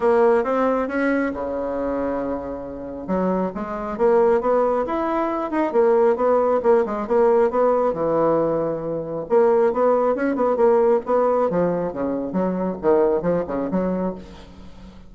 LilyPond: \new Staff \with { instrumentName = "bassoon" } { \time 4/4 \tempo 4 = 136 ais4 c'4 cis'4 cis4~ | cis2. fis4 | gis4 ais4 b4 e'4~ | e'8 dis'8 ais4 b4 ais8 gis8 |
ais4 b4 e2~ | e4 ais4 b4 cis'8 b8 | ais4 b4 f4 cis4 | fis4 dis4 f8 cis8 fis4 | }